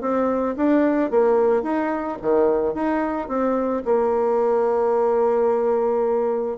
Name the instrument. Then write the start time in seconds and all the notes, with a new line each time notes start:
bassoon
0.00 C4
0.56 D4
1.10 A#3
1.62 D#4
2.21 D#3
2.74 D#4
3.28 C4
3.85 A#3